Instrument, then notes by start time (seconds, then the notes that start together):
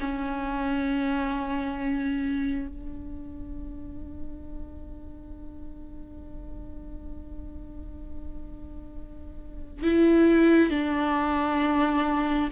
viola
0.00 C#4
2.68 D4
9.83 E4
10.70 D4